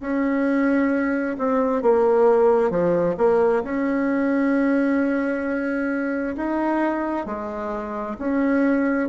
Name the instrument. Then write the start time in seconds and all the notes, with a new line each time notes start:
bassoon
0.00 C#4
1.38 C4
1.82 A#3
2.70 F3
3.17 A#3
3.63 C#4
6.36 D#4
7.26 G#3
8.19 C#4